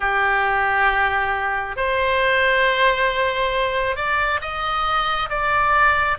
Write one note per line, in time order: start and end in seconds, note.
0.00 1.76 G4
1.76 3.95 C5
3.95 4.40 D5
4.41 5.29 D#5
5.29 6.17 D5